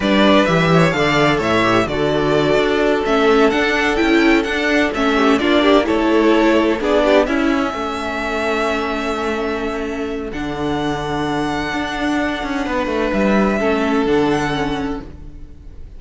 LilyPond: <<
  \new Staff \with { instrumentName = "violin" } { \time 4/4 \tempo 4 = 128 d''4 e''4 f''4 e''4 | d''2~ d''8 e''4 fis''8~ | fis''8 g''4 fis''4 e''4 d''8~ | d''8 cis''2 d''4 e''8~ |
e''1~ | e''2 fis''2~ | fis''1 | e''2 fis''2 | }
  \new Staff \with { instrumentName = "violin" } { \time 4/4 b'4. cis''8 d''4 cis''4 | a'1~ | a'2. g'8 f'8 | g'8 a'2 gis'8 g'8 e'8~ |
e'8 a'2.~ a'8~ | a'1~ | a'2. b'4~ | b'4 a'2. | }
  \new Staff \with { instrumentName = "viola" } { \time 4/4 d'4 g'4 a'4. g'8 | fis'2~ fis'8 cis'4 d'8~ | d'8 e'4 d'4 cis'4 d'8~ | d'8 e'2 d'4 cis'8~ |
cis'1~ | cis'2 d'2~ | d'1~ | d'4 cis'4 d'4 cis'4 | }
  \new Staff \with { instrumentName = "cello" } { \time 4/4 g4 e4 d4 a,4 | d4. d'4 a4 d'8~ | d'8 cis'4 d'4 a4 ais8~ | ais8 a2 b4 cis'8~ |
cis'8 a2.~ a8~ | a2 d2~ | d4 d'4. cis'8 b8 a8 | g4 a4 d2 | }
>>